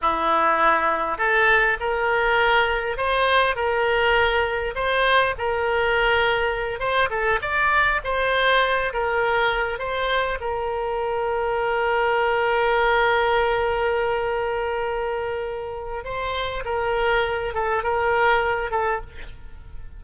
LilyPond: \new Staff \with { instrumentName = "oboe" } { \time 4/4 \tempo 4 = 101 e'2 a'4 ais'4~ | ais'4 c''4 ais'2 | c''4 ais'2~ ais'8 c''8 | a'8 d''4 c''4. ais'4~ |
ais'8 c''4 ais'2~ ais'8~ | ais'1~ | ais'2. c''4 | ais'4. a'8 ais'4. a'8 | }